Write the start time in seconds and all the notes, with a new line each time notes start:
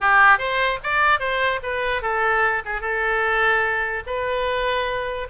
0.00 G4
0.38 C5
0.83 D5
1.19 C5
1.62 B4
2.02 A4
2.65 G#4
2.81 A4
4.06 B4